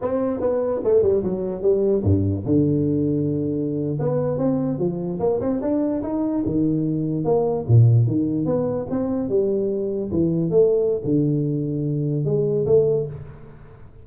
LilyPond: \new Staff \with { instrumentName = "tuba" } { \time 4/4 \tempo 4 = 147 c'4 b4 a8 g8 fis4 | g4 g,4 d2~ | d4.~ d16 b4 c'4 f16~ | f8. ais8 c'8 d'4 dis'4 dis16~ |
dis4.~ dis16 ais4 ais,4 dis16~ | dis8. b4 c'4 g4~ g16~ | g8. e4 a4~ a16 d4~ | d2 gis4 a4 | }